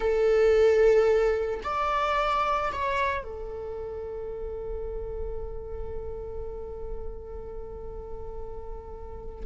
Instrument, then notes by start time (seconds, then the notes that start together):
viola
0.00 A4
1.63 D5
2.72 C#5
3.23 A4